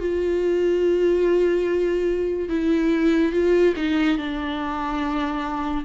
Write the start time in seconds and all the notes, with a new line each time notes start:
0.00 F4
2.49 E4
3.32 F4
3.76 D#4
4.18 D4